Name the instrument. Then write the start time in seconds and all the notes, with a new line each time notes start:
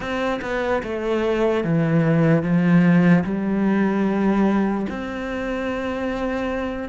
cello
0.00 C4
0.41 B3
0.83 A3
1.64 E3
2.42 F3
3.24 G3
4.89 C4